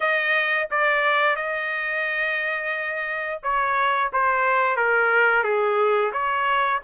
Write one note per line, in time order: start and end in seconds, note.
0.00 0.68 D#5
0.70 1.36 D5
1.36 3.40 D#5
3.42 4.11 C#5
4.12 4.76 C5
4.76 5.43 A#4
5.43 6.11 G#4
6.12 6.80 C#5